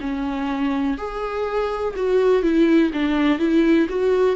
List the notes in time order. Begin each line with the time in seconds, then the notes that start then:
0.00 C#4
0.97 G#4
1.96 F#4
2.42 E4
2.93 D4
3.39 E4
3.89 F#4